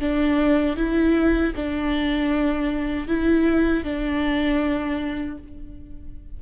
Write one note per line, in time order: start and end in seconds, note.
0.00 0.76 D4
0.76 1.53 E4
1.56 3.07 D4
3.07 3.84 E4
3.84 5.38 D4